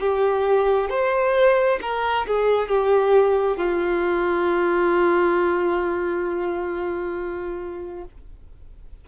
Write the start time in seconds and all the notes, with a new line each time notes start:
0.00 G4
0.90 C5
1.81 A#4
2.27 G#4
2.68 G4
3.57 F4